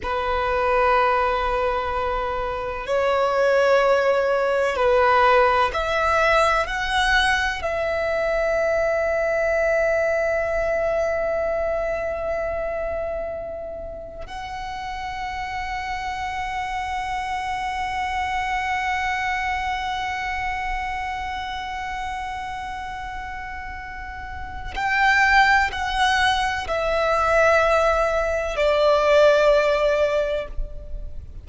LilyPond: \new Staff \with { instrumentName = "violin" } { \time 4/4 \tempo 4 = 63 b'2. cis''4~ | cis''4 b'4 e''4 fis''4 | e''1~ | e''2. fis''4~ |
fis''1~ | fis''1~ | fis''2 g''4 fis''4 | e''2 d''2 | }